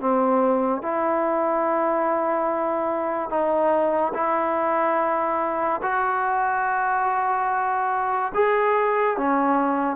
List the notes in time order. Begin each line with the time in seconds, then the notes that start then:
0.00 C4
0.82 E4
3.30 D#4
4.14 E4
5.82 F#4
8.34 G#4
9.17 C#4